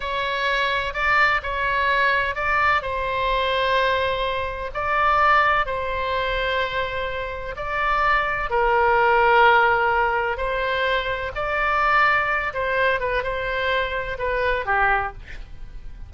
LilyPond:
\new Staff \with { instrumentName = "oboe" } { \time 4/4 \tempo 4 = 127 cis''2 d''4 cis''4~ | cis''4 d''4 c''2~ | c''2 d''2 | c''1 |
d''2 ais'2~ | ais'2 c''2 | d''2~ d''8 c''4 b'8 | c''2 b'4 g'4 | }